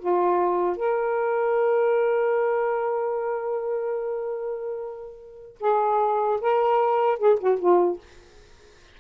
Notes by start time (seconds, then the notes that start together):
0.00 F4
0.77 A#4
5.60 G#4
6.41 A#4
7.18 G#4
7.40 F#4
7.59 F4